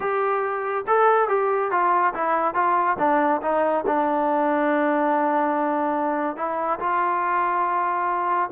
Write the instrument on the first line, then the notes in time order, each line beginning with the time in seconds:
trombone
0.00 G4
0.87 A4
1.28 G4
1.71 F4
2.14 E4
2.54 F4
2.98 D4
3.42 D#4
3.86 D4
6.36 E4
6.79 F4